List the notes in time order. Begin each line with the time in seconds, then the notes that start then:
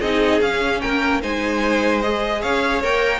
0.00 C4 D#4 G#4 D#5
0.41 C#4 F5
0.81 A#3 A#4 G5
1.21 G#3 D#4 C5 G#5
2.01 G#4 D#5
2.41 C#4 C#5 F5
2.83 A#3 A#4 G5